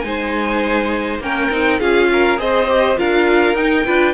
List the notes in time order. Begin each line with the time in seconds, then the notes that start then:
0.00 G#3 D#4 C5 G#5
1.19 A#3 C#4 A#4 G5
1.50 C4 D#4
1.79 C#4 F4 G#4 F5
2.12 A#4
2.37 C4 G#4 C5 D#5
2.68 G4
2.96 D4 F4 A#4 F5
3.53 D#4 G5
3.85 D4 F4 B4